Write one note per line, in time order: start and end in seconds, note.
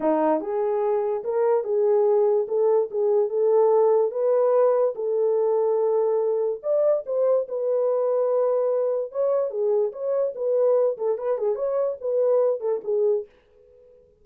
0.00 0.40 D#4
0.40 1.23 G#4
1.23 1.64 A#4
1.64 2.46 G#4
2.48 2.89 A4
2.90 3.29 G#4
3.29 4.11 A4
4.11 4.94 B4
4.95 6.60 A4
6.62 7.04 D5
7.06 7.47 C5
7.48 9.11 B4
9.11 9.50 C#5
9.50 9.92 G#4
9.92 10.33 C#5
10.35 10.97 B4
10.97 11.18 A4
11.18 11.38 B4
11.38 11.55 G#4
11.55 11.96 C#5
12.00 12.60 B4
12.60 12.81 A4
12.84 13.25 G#4